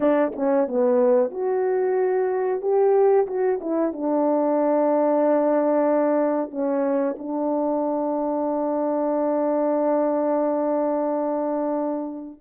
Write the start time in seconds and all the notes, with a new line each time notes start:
0.00 D4
0.35 C#4
0.67 B3
1.30 F#4
2.61 G4
3.26 F#4
3.60 E4
3.92 D4
6.50 C#4
7.18 D4